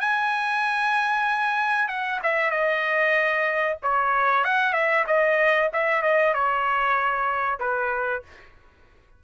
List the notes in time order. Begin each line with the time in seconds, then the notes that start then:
0.00 G#5
1.88 F#5
2.23 E5
2.51 D#5
3.83 C#5
4.44 F#5
4.73 E5
5.07 D#5
5.73 E5
6.02 D#5
6.34 C#5
7.59 B4